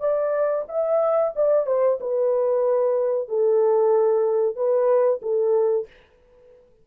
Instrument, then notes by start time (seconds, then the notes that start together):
horn
0.00 D5
0.68 E5
1.35 D5
1.66 C5
2.00 B4
3.28 A4
4.56 B4
5.22 A4